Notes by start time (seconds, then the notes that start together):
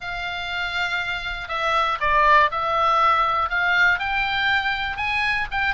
0.00 F5
1.48 E5
2.00 D5
2.51 E5
3.49 F5
3.99 G5
4.96 G#5
5.51 G5